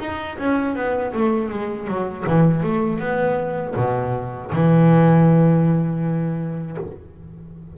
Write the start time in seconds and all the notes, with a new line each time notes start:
0.00 D#4
0.38 C#4
0.75 B3
1.14 A3
1.50 G#3
1.87 F#3
2.27 E3
2.63 A3
2.99 B3
3.76 B2
4.52 E3